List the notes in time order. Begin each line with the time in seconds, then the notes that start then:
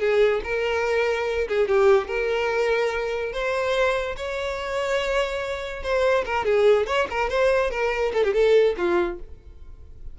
0.00 G#4
0.44 A#4
1.49 G#4
1.68 G4
2.08 A#4
3.33 C5
4.17 C#5
5.83 C5
6.26 A#4
6.45 G#4
6.87 C#5
7.11 A#4
7.30 C5
7.71 A#4
8.14 A4
8.24 G4
8.34 A4
8.78 F4